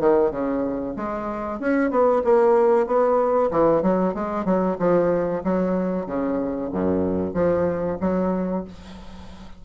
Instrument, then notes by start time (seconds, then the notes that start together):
bassoon
0.00 D#3
0.31 C#3
0.96 G#3
1.60 C#4
1.90 B3
2.24 A#3
2.87 B3
3.51 E3
3.82 F#3
4.14 G#3
4.45 F#3
4.79 F3
5.44 F#3
6.06 C#3
6.72 F#2
7.34 F3
8.01 F#3